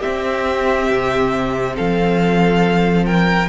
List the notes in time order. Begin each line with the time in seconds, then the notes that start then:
0.00 C4 G4 E5
0.90 C3
1.76 F3 A4 F5
3.05 A#4 G5